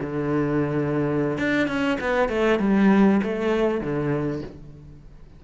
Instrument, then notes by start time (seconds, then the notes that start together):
cello
0.00 D3
1.38 D4
1.67 C#4
2.00 B3
2.28 A3
2.59 G3
3.23 A3
3.81 D3